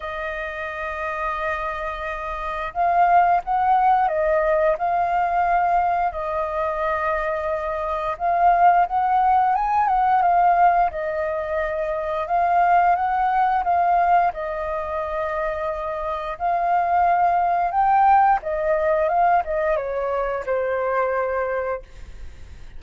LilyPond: \new Staff \with { instrumentName = "flute" } { \time 4/4 \tempo 4 = 88 dis''1 | f''4 fis''4 dis''4 f''4~ | f''4 dis''2. | f''4 fis''4 gis''8 fis''8 f''4 |
dis''2 f''4 fis''4 | f''4 dis''2. | f''2 g''4 dis''4 | f''8 dis''8 cis''4 c''2 | }